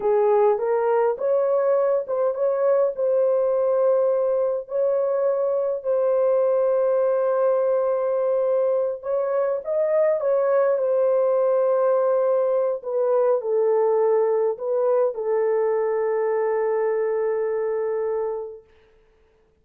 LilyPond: \new Staff \with { instrumentName = "horn" } { \time 4/4 \tempo 4 = 103 gis'4 ais'4 cis''4. c''8 | cis''4 c''2. | cis''2 c''2~ | c''2.~ c''8 cis''8~ |
cis''8 dis''4 cis''4 c''4.~ | c''2 b'4 a'4~ | a'4 b'4 a'2~ | a'1 | }